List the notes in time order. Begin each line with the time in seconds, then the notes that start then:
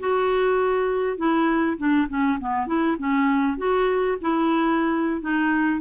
0.00 F#4
1.18 E4
1.78 D4
2.09 C#4
2.40 B3
2.67 E4
2.99 C#4
3.58 F#4
4.22 E4
5.22 D#4